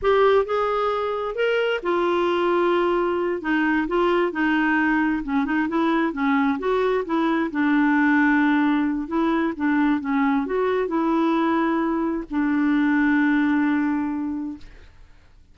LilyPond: \new Staff \with { instrumentName = "clarinet" } { \time 4/4 \tempo 4 = 132 g'4 gis'2 ais'4 | f'2.~ f'8 dis'8~ | dis'8 f'4 dis'2 cis'8 | dis'8 e'4 cis'4 fis'4 e'8~ |
e'8 d'2.~ d'8 | e'4 d'4 cis'4 fis'4 | e'2. d'4~ | d'1 | }